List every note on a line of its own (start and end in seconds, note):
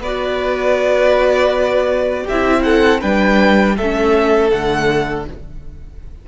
0.00 2.25 B3
0.00 2.30 F#4
0.00 2.23 B4
0.00 2.28 D5
2.23 2.61 G4
2.23 2.63 E5
2.30 3.03 C4
2.30 3.01 E4
2.63 3.01 A4
2.63 3.00 F#5
3.01 3.78 G3
3.01 3.76 D4
3.01 3.76 B4
3.01 3.77 G5
3.77 4.53 A3
3.77 4.51 C#4
3.77 5.27 A4
3.77 4.50 E5
4.50 5.28 D3
4.50 5.26 A3
4.50 5.25 F#5